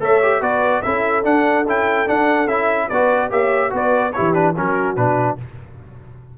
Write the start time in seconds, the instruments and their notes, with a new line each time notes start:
0.00 tuba A3, trombone A4, horn C#5, trumpet E5
0.22 trombone G4
0.40 tuba B3, trombone F#4, horn B4, trumpet D5
0.82 tuba C#4, trombone E4, horn A4, trumpet E5
1.23 trombone D4, tuba D4, trumpet F#5
1.66 tuba C#4, trombone E4, trumpet G5
2.06 trombone D4, tuba D4, trumpet F#5
2.47 tuba C#4, trombone E4, trumpet E5
2.87 tuba B3, trombone F#4, horn B4, trumpet D5
3.30 tuba A#3, trombone G4, horn C#5, trumpet E5
3.70 tuba B3, trombone F#4, horn B4
3.76 trumpet D5
4.12 trombone E4, horn G4, trumpet C#5
4.18 tuba E3
4.33 trombone D4, trumpet B4
4.55 tuba F#3, trombone C#4, horn F#4, trumpet A#4
4.96 tuba B2, trombone D4, trumpet B4